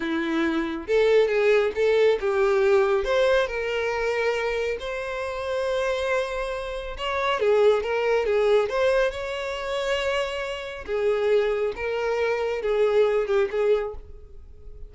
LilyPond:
\new Staff \with { instrumentName = "violin" } { \time 4/4 \tempo 4 = 138 e'2 a'4 gis'4 | a'4 g'2 c''4 | ais'2. c''4~ | c''1 |
cis''4 gis'4 ais'4 gis'4 | c''4 cis''2.~ | cis''4 gis'2 ais'4~ | ais'4 gis'4. g'8 gis'4 | }